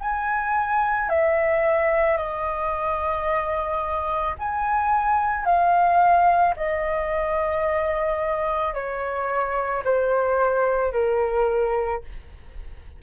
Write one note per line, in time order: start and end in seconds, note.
0.00 1.09 G#5
1.09 2.17 E5
2.17 4.35 D#5
4.38 5.45 G#5
5.45 6.54 F5
6.56 8.74 D#5
8.74 9.83 C#5
9.84 10.92 C5
10.92 12.01 A#4